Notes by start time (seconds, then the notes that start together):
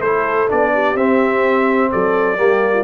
0.00 A3 E4 A4 C5
0.49 B3 D4 D5
0.74 G4
0.95 C4 E5
1.91 F#3 A4 D5
2.37 G3 A#3 G4
2.74 F4